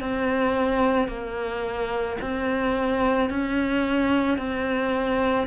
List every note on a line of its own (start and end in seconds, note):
0.00 1.08 C4
1.08 2.17 A#3
2.21 3.30 C4
3.30 4.38 C#4
4.38 5.47 C4